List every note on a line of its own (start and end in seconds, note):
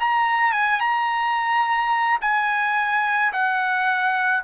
0.00 0.52 A#5
0.52 0.80 G#5
0.80 2.19 A#5
2.21 3.32 G#5
3.33 4.44 F#5